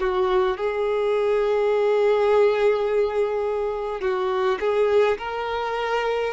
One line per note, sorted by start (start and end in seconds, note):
0.00 0.58 F#4
0.58 4.01 G#4
4.01 4.59 F#4
4.60 5.18 G#4
5.18 6.34 A#4